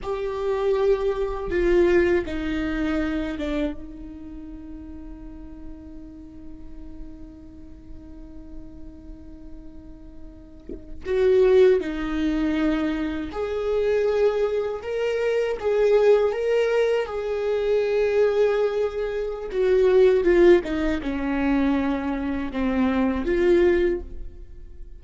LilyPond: \new Staff \with { instrumentName = "viola" } { \time 4/4 \tempo 4 = 80 g'2 f'4 dis'4~ | dis'8 d'8 dis'2.~ | dis'1~ | dis'2~ dis'8. fis'4 dis'16~ |
dis'4.~ dis'16 gis'2 ais'16~ | ais'8. gis'4 ais'4 gis'4~ gis'16~ | gis'2 fis'4 f'8 dis'8 | cis'2 c'4 f'4 | }